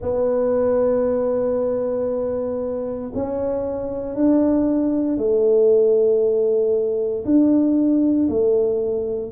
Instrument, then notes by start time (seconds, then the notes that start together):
tuba
0.01 B3
3.14 C#4
4.15 D4
5.17 A3
7.24 D4
8.29 A3